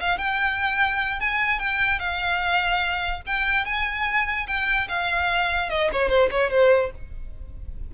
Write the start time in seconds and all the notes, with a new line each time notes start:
0.00 F5
0.18 G5
1.20 G#5
1.59 G5
1.99 F5
3.27 G5
3.65 G#5
4.48 G5
4.88 F5
5.70 D#5
5.93 C#5
6.09 C5
6.31 C#5
6.50 C5